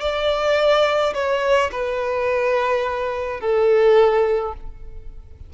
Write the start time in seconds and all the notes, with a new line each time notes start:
0.00 D5
1.14 C#5
1.71 B4
3.40 A4